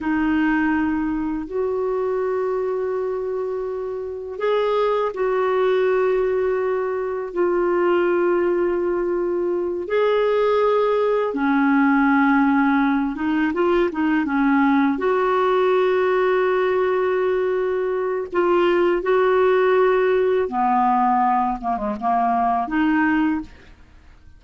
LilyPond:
\new Staff \with { instrumentName = "clarinet" } { \time 4/4 \tempo 4 = 82 dis'2 fis'2~ | fis'2 gis'4 fis'4~ | fis'2 f'2~ | f'4. gis'2 cis'8~ |
cis'2 dis'8 f'8 dis'8 cis'8~ | cis'8 fis'2.~ fis'8~ | fis'4 f'4 fis'2 | b4. ais16 gis16 ais4 dis'4 | }